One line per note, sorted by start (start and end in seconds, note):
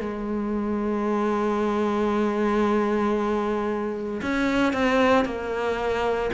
0.00 4.21 G#3
4.22 4.73 C#4
4.73 5.25 C4
5.25 6.30 A#3